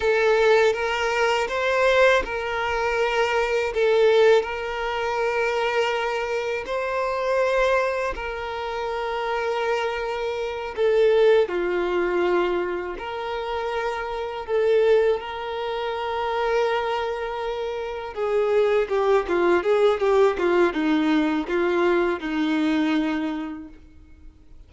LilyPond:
\new Staff \with { instrumentName = "violin" } { \time 4/4 \tempo 4 = 81 a'4 ais'4 c''4 ais'4~ | ais'4 a'4 ais'2~ | ais'4 c''2 ais'4~ | ais'2~ ais'8 a'4 f'8~ |
f'4. ais'2 a'8~ | a'8 ais'2.~ ais'8~ | ais'8 gis'4 g'8 f'8 gis'8 g'8 f'8 | dis'4 f'4 dis'2 | }